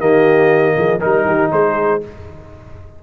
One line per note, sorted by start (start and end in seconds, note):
0.00 0.75 D#3
0.00 1.00 A#3
0.00 0.75 G4
0.00 1.00 D#5
0.76 1.02 F3
0.76 0.99 G#4
0.99 1.26 G3
0.99 2.01 D#4
0.99 1.24 A#4
0.99 1.51 A#4
1.26 1.51 D#3
1.26 1.51 G4
1.52 2.02 G#3
1.52 2.03 G#4
1.52 2.02 C5